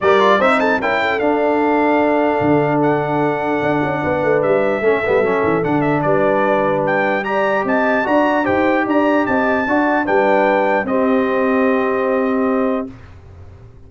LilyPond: <<
  \new Staff \with { instrumentName = "trumpet" } { \time 4/4 \tempo 4 = 149 d''4 e''8 a''8 g''4 f''4~ | f''2. fis''4~ | fis''2. e''4~ | e''2 fis''8 e''8 d''4~ |
d''4 g''4 ais''4 a''4 | ais''4 g''4 ais''4 a''4~ | a''4 g''2 dis''4~ | dis''1 | }
  \new Staff \with { instrumentName = "horn" } { \time 4/4 ais'4 c''8 a'8 ais'8 a'4.~ | a'1~ | a'2 b'2 | a'2. b'4~ |
b'2 d''4 dis''4 | d''4 c''4 d''4 dis''4 | d''4 b'2 g'4~ | g'1 | }
  \new Staff \with { instrumentName = "trombone" } { \time 4/4 g'8 f'8 dis'4 e'4 d'4~ | d'1~ | d'1 | cis'8 b8 cis'4 d'2~ |
d'2 g'2 | fis'4 g'2. | fis'4 d'2 c'4~ | c'1 | }
  \new Staff \with { instrumentName = "tuba" } { \time 4/4 g4 c'4 cis'4 d'4~ | d'2 d2~ | d4 d'8 cis'8 b8 a8 g4 | a8 g8 fis8 e8 d4 g4~ |
g2. c'4 | d'4 dis'4 d'4 c'4 | d'4 g2 c'4~ | c'1 | }
>>